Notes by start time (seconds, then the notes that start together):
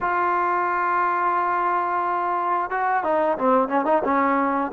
0.00 F4
2.70 F#4
3.03 D#4
3.38 C4
3.68 C#4
3.85 D#4
4.04 C#4